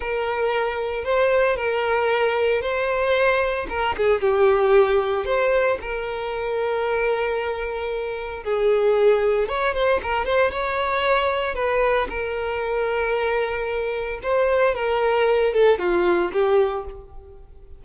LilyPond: \new Staff \with { instrumentName = "violin" } { \time 4/4 \tempo 4 = 114 ais'2 c''4 ais'4~ | ais'4 c''2 ais'8 gis'8 | g'2 c''4 ais'4~ | ais'1 |
gis'2 cis''8 c''8 ais'8 c''8 | cis''2 b'4 ais'4~ | ais'2. c''4 | ais'4. a'8 f'4 g'4 | }